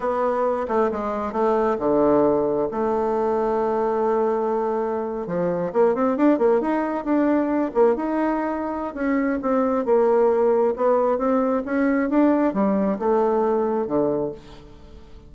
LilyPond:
\new Staff \with { instrumentName = "bassoon" } { \time 4/4 \tempo 4 = 134 b4. a8 gis4 a4 | d2 a2~ | a2.~ a8. f16~ | f8. ais8 c'8 d'8 ais8 dis'4 d'16~ |
d'4~ d'16 ais8 dis'2~ dis'16 | cis'4 c'4 ais2 | b4 c'4 cis'4 d'4 | g4 a2 d4 | }